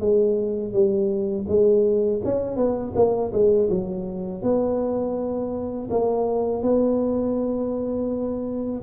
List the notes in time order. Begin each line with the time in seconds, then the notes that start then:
0.00 G#3
0.73 G3
1.48 G#3
2.25 C#4
2.57 B3
2.96 A#3
3.33 G#3
3.70 F#3
4.43 B3
5.91 A#3
6.63 B3